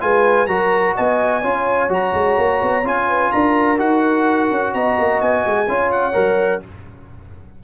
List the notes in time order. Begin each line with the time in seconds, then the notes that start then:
0.00 G#3 F4 B4 G#5
0.47 F#3 F#4 A#4 A#5
0.95 B3 D#5 G#5
1.41 C#4 F4 C#5
1.89 F#3 F#4 A#5
2.13 G#3
2.37 A#3
2.62 B3
2.83 C#4 F4 G#5
3.08 B4
3.32 D4 A#4 A#5
3.78 D#4 F#4 F#5
4.50 C#4
4.74 B3 D#5 A#5
4.99 A#3
5.21 B3 G#5
5.45 G#3
5.68 C#4 F4 C#5
5.91 F#5
6.13 F#3 A#4